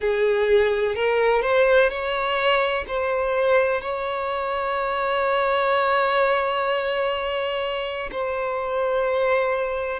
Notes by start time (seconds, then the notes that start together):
0.00 G#4
0.95 A#4
1.42 C5
1.89 C#5
2.87 C5
3.81 C#5
8.11 C5